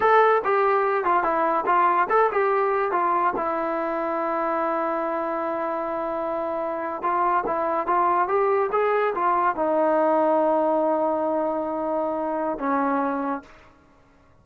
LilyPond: \new Staff \with { instrumentName = "trombone" } { \time 4/4 \tempo 4 = 143 a'4 g'4. f'8 e'4 | f'4 a'8 g'4. f'4 | e'1~ | e'1~ |
e'8. f'4 e'4 f'4 g'16~ | g'8. gis'4 f'4 dis'4~ dis'16~ | dis'1~ | dis'2 cis'2 | }